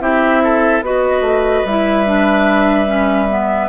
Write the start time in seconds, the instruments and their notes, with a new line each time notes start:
0.00 bassoon C4, clarinet E4, oboe G4, flute E5
0.43 oboe A4
0.82 bassoon B3, clarinet F#4, oboe B4, flute D#5
1.21 bassoon A3
1.64 bassoon G3, clarinet E4, flute E5
2.06 clarinet D4
2.86 clarinet C#4
3.29 clarinet B3